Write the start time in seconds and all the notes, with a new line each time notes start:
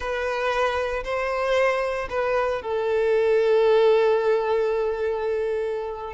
0.00 B4
1.04 C5
2.09 B4
2.62 A4